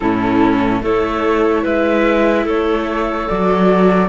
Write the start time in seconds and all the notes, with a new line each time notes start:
0.00 A2 C#4 E4 A4
0.81 A3 E4 A4 C#5
1.62 G#3 B4 E5
2.44 A3 A4 C#5
3.28 F#3 F#4 D5